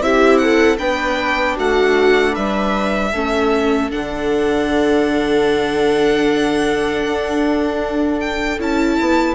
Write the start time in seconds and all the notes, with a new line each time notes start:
0.00 C4 E4 G4 E5
0.38 A4 F#5
0.78 B3 D4 B4 G5
1.56 A3 F#4 F#5
2.32 G3 B4 E5
3.13 A3 C#4 A4
3.91 D3 D4 F#5
7.05 D4
8.20 G5
8.59 C#4 E4 A5
9.00 B3